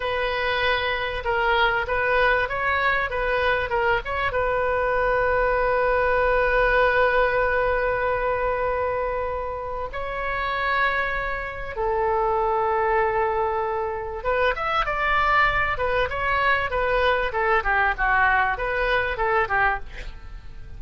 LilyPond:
\new Staff \with { instrumentName = "oboe" } { \time 4/4 \tempo 4 = 97 b'2 ais'4 b'4 | cis''4 b'4 ais'8 cis''8 b'4~ | b'1~ | b'1 |
cis''2. a'4~ | a'2. b'8 e''8 | d''4. b'8 cis''4 b'4 | a'8 g'8 fis'4 b'4 a'8 g'8 | }